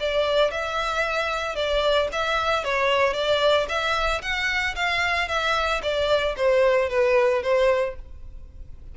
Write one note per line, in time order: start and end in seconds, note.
0.00 0.51 D5
0.51 1.55 E5
1.55 2.09 D5
2.12 2.64 E5
2.64 3.14 C#5
3.14 3.67 D5
3.69 4.22 E5
4.22 4.75 F#5
4.76 5.29 F5
5.29 5.82 E5
5.83 6.36 D5
6.37 6.90 C5
6.90 7.43 B4
7.43 7.96 C5